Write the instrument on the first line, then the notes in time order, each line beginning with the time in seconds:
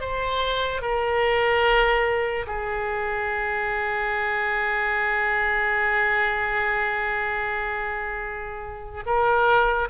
oboe
0.00 C5
0.81 A#4
2.46 G#4
9.06 A#4